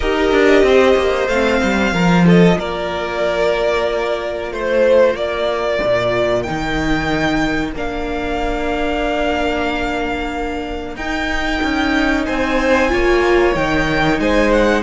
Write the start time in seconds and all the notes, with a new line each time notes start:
0.00 D#4 G4 A#4 D#5
0.32 D4
0.62 C4 C5
0.96 A#3
1.27 A3 C4 F5
1.63 G3
1.92 F3 F4 A#4
2.26 A4 D#5
2.58 A#3 A#4 D5
4.52 A3 C5
5.14 A#3 A#4 D5
5.83 A#2
6.42 D#3 D#4 G5
7.74 A#3 D4 F5
10.95 D#4 G5
11.62 C#4
12.25 C4 C5 G#5
12.89 A#3 F4 C#5
13.53 D#3 D#4 G5
14.19 G#3 C5 G#5
14.51 F#5